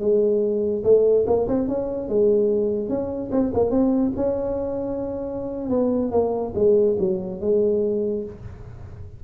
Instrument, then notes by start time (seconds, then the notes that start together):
tuba
0.00 G#3
0.84 A3
1.27 A#3
1.48 C4
1.68 C#4
2.09 G#3
2.89 C#4
3.32 C4
3.54 A#3
3.71 C4
4.16 C#4
5.70 B3
6.12 A#3
6.55 G#3
6.99 F#3
7.41 G#3